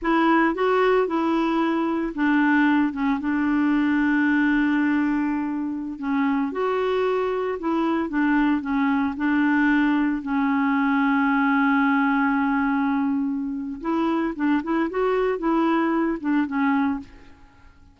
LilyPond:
\new Staff \with { instrumentName = "clarinet" } { \time 4/4 \tempo 4 = 113 e'4 fis'4 e'2 | d'4. cis'8 d'2~ | d'2.~ d'16 cis'8.~ | cis'16 fis'2 e'4 d'8.~ |
d'16 cis'4 d'2 cis'8.~ | cis'1~ | cis'2 e'4 d'8 e'8 | fis'4 e'4. d'8 cis'4 | }